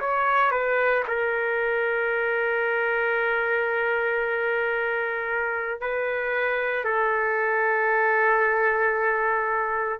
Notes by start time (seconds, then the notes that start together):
0.00 C#5
0.51 B4
1.08 A#4
5.81 B4
6.85 A4